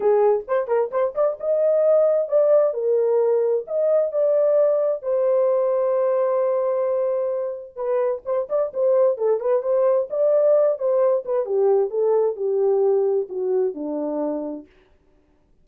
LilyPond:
\new Staff \with { instrumentName = "horn" } { \time 4/4 \tempo 4 = 131 gis'4 c''8 ais'8 c''8 d''8 dis''4~ | dis''4 d''4 ais'2 | dis''4 d''2 c''4~ | c''1~ |
c''4 b'4 c''8 d''8 c''4 | a'8 b'8 c''4 d''4. c''8~ | c''8 b'8 g'4 a'4 g'4~ | g'4 fis'4 d'2 | }